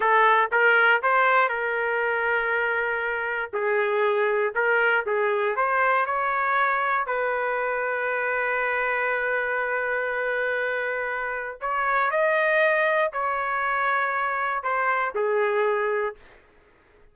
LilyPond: \new Staff \with { instrumentName = "trumpet" } { \time 4/4 \tempo 4 = 119 a'4 ais'4 c''4 ais'4~ | ais'2. gis'4~ | gis'4 ais'4 gis'4 c''4 | cis''2 b'2~ |
b'1~ | b'2. cis''4 | dis''2 cis''2~ | cis''4 c''4 gis'2 | }